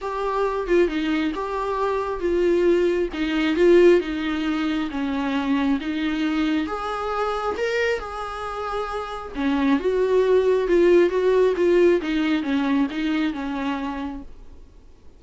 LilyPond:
\new Staff \with { instrumentName = "viola" } { \time 4/4 \tempo 4 = 135 g'4. f'8 dis'4 g'4~ | g'4 f'2 dis'4 | f'4 dis'2 cis'4~ | cis'4 dis'2 gis'4~ |
gis'4 ais'4 gis'2~ | gis'4 cis'4 fis'2 | f'4 fis'4 f'4 dis'4 | cis'4 dis'4 cis'2 | }